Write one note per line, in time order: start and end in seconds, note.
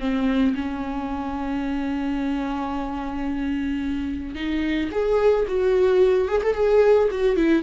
0.00 0.55 C4
0.56 4.36 C#4
4.36 4.90 D#4
4.92 5.46 G#4
5.48 6.29 F#4
6.29 6.42 G#4
6.43 6.54 A4
6.54 7.09 G#4
7.11 7.37 F#4
7.37 7.63 E4